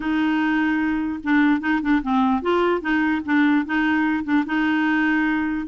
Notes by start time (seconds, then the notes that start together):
0.00 D#4
1.23 D4
1.60 D#4
1.82 D4
2.03 C4
2.42 F4
2.81 D#4
3.25 D4
3.65 D#4
4.24 D4
4.46 D#4